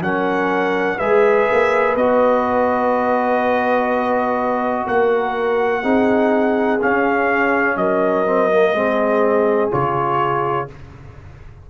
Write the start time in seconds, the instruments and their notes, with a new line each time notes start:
0.00 tuba F#3, trombone C#4, horn A#4, trumpet F#5
0.97 tuba G#3, trombone G#4, horn B4, trumpet E5
1.51 tuba A#3
1.95 tuba B3, trombone F#4, trumpet D#5
4.86 tuba A#3, horn A#4, trumpet F#5
5.82 tuba C4, trombone D#4, horn G#4
6.81 trombone C#4, tuba C#4, trumpet F5
7.76 tuba F#3, horn A#4, trumpet D#5
8.26 trombone C4
8.50 trombone A#3
8.73 tuba G#3, trombone C4, horn G#4
9.71 tuba C#3, trombone F4, trumpet C#5